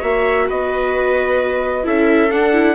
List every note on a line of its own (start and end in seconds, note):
0.00 0.48 A#3
0.00 1.83 F#4
0.00 0.46 C#5
0.00 0.48 E5
0.48 1.86 B3
0.48 1.85 B4
0.48 1.87 D#5
1.83 2.31 C#4
1.83 2.29 E4
1.83 2.75 A4
1.83 2.31 E5
2.31 2.53 D4
2.31 2.75 D4
2.31 2.75 F#5
2.53 2.75 E4